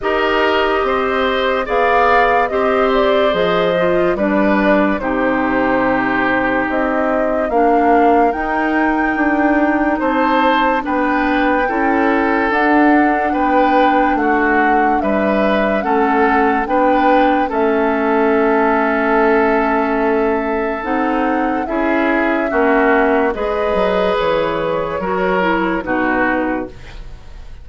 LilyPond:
<<
  \new Staff \with { instrumentName = "flute" } { \time 4/4 \tempo 4 = 72 dis''2 f''4 dis''8 d''8 | dis''4 d''4 c''2 | dis''4 f''4 g''2 | a''4 g''2 fis''4 |
g''4 fis''4 e''4 fis''4 | g''4 e''2.~ | e''4 fis''4 e''2 | dis''4 cis''2 b'4 | }
  \new Staff \with { instrumentName = "oboe" } { \time 4/4 ais'4 c''4 d''4 c''4~ | c''4 b'4 g'2~ | g'4 ais'2. | c''4 b'4 a'2 |
b'4 fis'4 b'4 a'4 | b'4 a'2.~ | a'2 gis'4 fis'4 | b'2 ais'4 fis'4 | }
  \new Staff \with { instrumentName = "clarinet" } { \time 4/4 g'2 gis'4 g'4 | gis'8 f'8 d'4 dis'2~ | dis'4 d'4 dis'2~ | dis'4 d'4 e'4 d'4~ |
d'2. cis'4 | d'4 cis'2.~ | cis'4 dis'4 e'4 cis'4 | gis'2 fis'8 e'8 dis'4 | }
  \new Staff \with { instrumentName = "bassoon" } { \time 4/4 dis'4 c'4 b4 c'4 | f4 g4 c2 | c'4 ais4 dis'4 d'4 | c'4 b4 cis'4 d'4 |
b4 a4 g4 a4 | b4 a2.~ | a4 c'4 cis'4 ais4 | gis8 fis8 e4 fis4 b,4 | }
>>